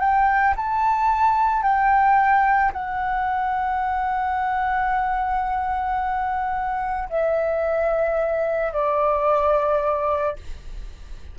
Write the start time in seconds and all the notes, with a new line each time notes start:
0.00 G5
0.56 A5
1.63 G5
2.73 F#5
7.09 E5
8.73 D5